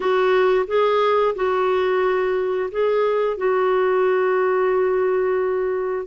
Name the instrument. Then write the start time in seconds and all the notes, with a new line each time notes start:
clarinet
0.00 F#4
0.67 G#4
1.35 F#4
2.71 G#4
3.37 F#4